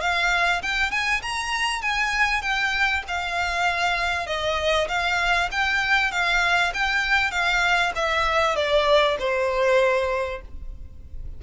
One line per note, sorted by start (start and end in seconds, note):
0.00 0.61 F5
0.62 0.91 G5
0.91 1.21 G#5
1.22 1.81 A#5
1.81 2.41 G#5
2.41 3.03 G5
3.08 4.26 F5
4.26 4.88 D#5
4.88 5.49 F5
5.51 6.11 G5
6.11 6.72 F5
6.73 7.31 G5
7.31 7.92 F5
7.95 8.55 E5
8.55 9.17 D5
9.19 10.41 C5